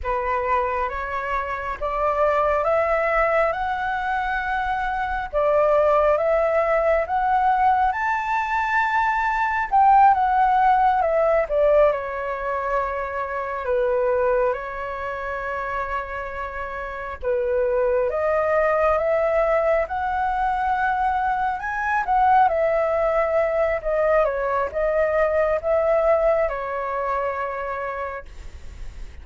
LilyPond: \new Staff \with { instrumentName = "flute" } { \time 4/4 \tempo 4 = 68 b'4 cis''4 d''4 e''4 | fis''2 d''4 e''4 | fis''4 a''2 g''8 fis''8~ | fis''8 e''8 d''8 cis''2 b'8~ |
b'8 cis''2. b'8~ | b'8 dis''4 e''4 fis''4.~ | fis''8 gis''8 fis''8 e''4. dis''8 cis''8 | dis''4 e''4 cis''2 | }